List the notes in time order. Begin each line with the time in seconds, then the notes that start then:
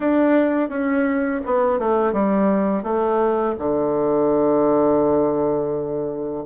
0.00 D4
0.69 C#4
1.45 B3
1.79 A3
2.12 G3
2.83 A3
3.58 D3